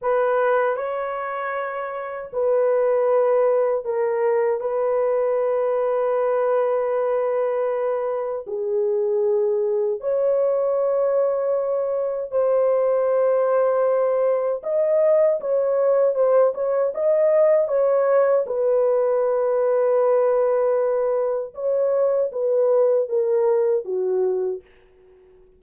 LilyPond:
\new Staff \with { instrumentName = "horn" } { \time 4/4 \tempo 4 = 78 b'4 cis''2 b'4~ | b'4 ais'4 b'2~ | b'2. gis'4~ | gis'4 cis''2. |
c''2. dis''4 | cis''4 c''8 cis''8 dis''4 cis''4 | b'1 | cis''4 b'4 ais'4 fis'4 | }